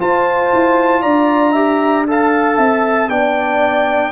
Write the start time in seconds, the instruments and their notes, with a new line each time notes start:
0.00 trombone F4, tuba F4, horn C5, trumpet A5
0.54 tuba E4
1.02 tuba D4, horn D5, trumpet A#5
1.52 trombone G4, horn E5
2.08 trombone A4, horn F5, trumpet A5
2.58 tuba C4, horn E5
3.10 tuba B3, trombone D4, horn D5, trumpet G5